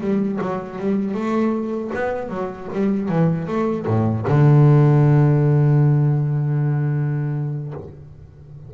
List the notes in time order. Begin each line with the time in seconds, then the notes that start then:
0.00 G3
0.41 F#3
0.78 G3
1.14 A3
1.94 B3
2.29 F#3
2.73 G3
3.08 E3
3.47 A3
3.86 A2
4.27 D3